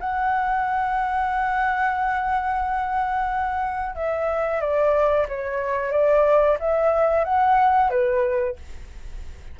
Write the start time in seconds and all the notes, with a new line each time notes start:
0.00 F#5
3.95 E5
4.61 D5
5.28 C#5
5.92 D5
6.59 E5
7.24 F#5
7.90 B4